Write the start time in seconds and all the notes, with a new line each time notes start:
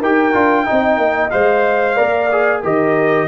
0.00 D#4 G4 A#4 G5
0.34 D4 F4
0.66 C4 D#4 D#5
0.98 A#3
1.31 G#3 C5 F5
1.96 A#3 A#4 D5
2.32 G#4
2.64 D#3 G4 A#4 D#5